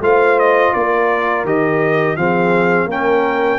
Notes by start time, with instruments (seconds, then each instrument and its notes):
0.00 tuba A3, trombone F4, horn C5, trumpet F5
0.39 trumpet D#5
0.73 tuba A#3, horn A#4, trumpet D5
1.44 tuba D#3, trombone G4, trumpet D#5
2.16 tuba F3, trombone C4, horn G#4, trumpet F5
2.86 tuba A#3, trombone C#4, horn A#4, trumpet G5